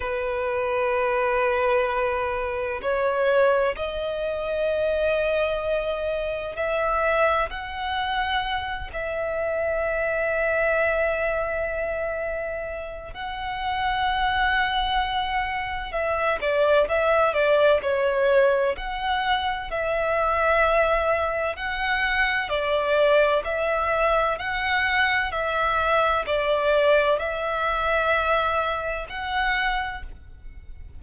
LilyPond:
\new Staff \with { instrumentName = "violin" } { \time 4/4 \tempo 4 = 64 b'2. cis''4 | dis''2. e''4 | fis''4. e''2~ e''8~ | e''2 fis''2~ |
fis''4 e''8 d''8 e''8 d''8 cis''4 | fis''4 e''2 fis''4 | d''4 e''4 fis''4 e''4 | d''4 e''2 fis''4 | }